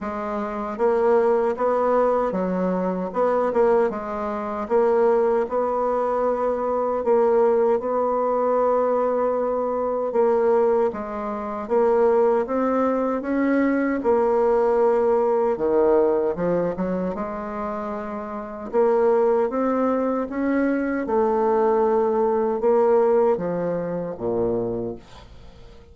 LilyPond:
\new Staff \with { instrumentName = "bassoon" } { \time 4/4 \tempo 4 = 77 gis4 ais4 b4 fis4 | b8 ais8 gis4 ais4 b4~ | b4 ais4 b2~ | b4 ais4 gis4 ais4 |
c'4 cis'4 ais2 | dis4 f8 fis8 gis2 | ais4 c'4 cis'4 a4~ | a4 ais4 f4 ais,4 | }